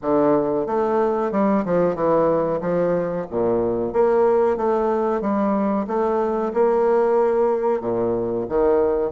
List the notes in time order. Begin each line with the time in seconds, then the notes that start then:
0.01 D3
0.66 A3
1.31 G3
1.65 F3
1.95 E3
2.61 F3
3.30 A#2
3.92 A#3
4.57 A3
5.21 G3
5.87 A3
6.53 A#3
7.80 A#2
8.48 D#3